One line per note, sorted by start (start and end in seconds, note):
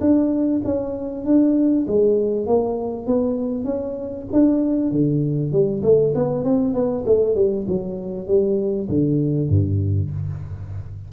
0.00 0.61 D4
0.64 1.25 C#4
1.25 1.86 D4
1.87 2.46 G#3
2.46 3.06 A#3
3.06 3.64 B3
3.64 4.25 C#4
4.32 4.91 D4
4.91 5.52 D3
5.52 5.82 G3
5.83 6.13 A3
6.15 6.44 B3
6.44 6.73 C4
6.73 7.04 B3
7.06 7.35 A3
7.35 7.66 G3
7.67 8.27 F#3
8.27 8.88 G3
8.89 9.49 D3
9.49 10.10 G2